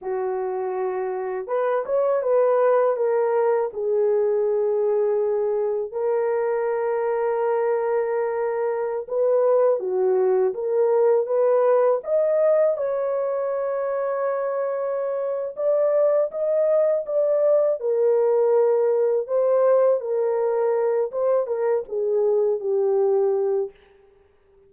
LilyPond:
\new Staff \with { instrumentName = "horn" } { \time 4/4 \tempo 4 = 81 fis'2 b'8 cis''8 b'4 | ais'4 gis'2. | ais'1~ | ais'16 b'4 fis'4 ais'4 b'8.~ |
b'16 dis''4 cis''2~ cis''8.~ | cis''4 d''4 dis''4 d''4 | ais'2 c''4 ais'4~ | ais'8 c''8 ais'8 gis'4 g'4. | }